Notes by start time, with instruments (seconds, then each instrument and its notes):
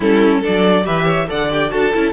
0.00 cello G3, viola C#4, violin E4 A4
0.40 viola D4, violin A4 D5
0.47 cello F#3
0.83 cello E3, viola G4, violin B4 E5
1.05 violin C#5
1.27 cello D3, viola A4, violin D5 F#5
1.50 viola G4, violin G5
1.69 cello D4, viola F#4, violin A4 A5
1.93 cello C#4, viola E4